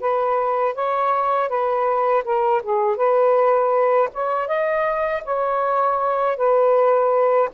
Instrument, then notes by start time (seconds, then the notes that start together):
saxophone
0.00 B4
0.74 C#5
1.48 B4
2.24 A#4
2.62 G#4
2.96 B4
4.13 C#5
4.47 D#5
5.24 C#5
6.36 B4